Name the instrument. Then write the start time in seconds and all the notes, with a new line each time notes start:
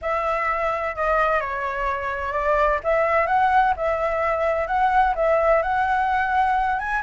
flute
0.01 E5
0.95 D#5
1.40 C#5
2.32 D5
2.83 E5
3.27 F#5
3.76 E5
4.67 F#5
5.15 E5
5.62 F#5
6.79 G#5